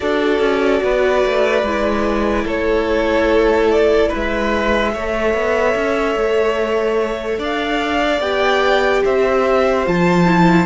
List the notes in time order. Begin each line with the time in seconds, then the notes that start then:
0.00 D4 F#4 A4 D5
0.39 C#4
0.83 B3 B4
1.24 A3
1.62 G#3 E4
2.44 A3 A4 C#5
3.70 D5
4.09 G#3 B4
4.15 E5
4.93 A3 A4 C#5
5.33 B3
5.75 C#4
6.15 A3
7.38 D4 D5 F5
8.20 B3 G4 G5
9.03 C4 C5 E5
9.85 F3 F4 A5
10.26 E4